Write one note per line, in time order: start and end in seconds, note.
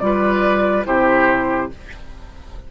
0.00 0.86 G3
0.00 0.85 F4
0.00 0.87 B4
0.00 0.85 D5
0.85 1.71 C3
0.85 1.70 E4
0.85 1.72 G4
0.85 1.71 C5